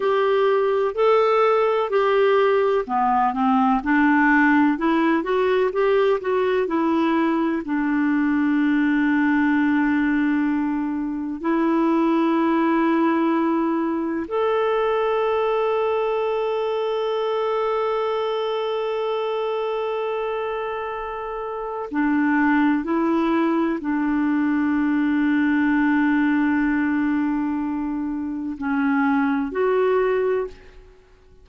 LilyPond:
\new Staff \with { instrumentName = "clarinet" } { \time 4/4 \tempo 4 = 63 g'4 a'4 g'4 b8 c'8 | d'4 e'8 fis'8 g'8 fis'8 e'4 | d'1 | e'2. a'4~ |
a'1~ | a'2. d'4 | e'4 d'2.~ | d'2 cis'4 fis'4 | }